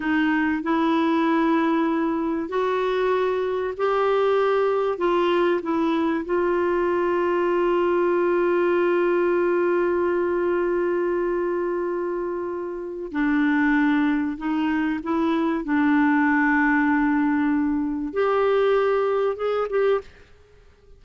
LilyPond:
\new Staff \with { instrumentName = "clarinet" } { \time 4/4 \tempo 4 = 96 dis'4 e'2. | fis'2 g'2 | f'4 e'4 f'2~ | f'1~ |
f'1~ | f'4 d'2 dis'4 | e'4 d'2.~ | d'4 g'2 gis'8 g'8 | }